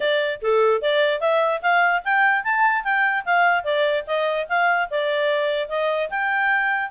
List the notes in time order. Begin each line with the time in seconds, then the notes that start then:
0.00 D5
0.41 A4
0.81 D5
1.20 E5
1.62 F5
2.04 G5
2.43 A5
2.84 G5
3.25 F5
3.64 D5
4.06 D#5
4.48 F5
4.90 D5
5.69 D#5
6.10 G5